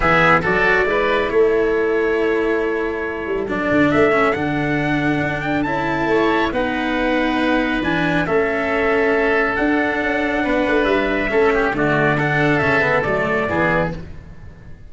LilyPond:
<<
  \new Staff \with { instrumentName = "trumpet" } { \time 4/4 \tempo 4 = 138 e''4 d''2 cis''4~ | cis''1 | d''4 e''4 fis''2~ | fis''8 g''8 a''2 fis''4~ |
fis''2 gis''4 e''4~ | e''2 fis''2~ | fis''4 e''2 d''4 | fis''4 e''4 d''2 | }
  \new Staff \with { instrumentName = "oboe" } { \time 4/4 gis'4 a'4 b'4 a'4~ | a'1~ | a'1~ | a'2 cis''4 b'4~ |
b'2. a'4~ | a'1 | b'2 a'8 g'8 fis'4 | a'2. gis'4 | }
  \new Staff \with { instrumentName = "cello" } { \time 4/4 b4 fis'4 e'2~ | e'1 | d'4. cis'8 d'2~ | d'4 e'2 dis'4~ |
dis'2 d'4 cis'4~ | cis'2 d'2~ | d'2 cis'4 a4 | d'4 cis'8 b8 a4 b4 | }
  \new Staff \with { instrumentName = "tuba" } { \time 4/4 e4 fis4 gis4 a4~ | a2.~ a8 g8 | fis8 d8 a4 d2 | d'4 cis'4 a4 b4~ |
b2 e4 a4~ | a2 d'4 cis'4 | b8 a8 g4 a4 d4~ | d4 cis4 fis4 e4 | }
>>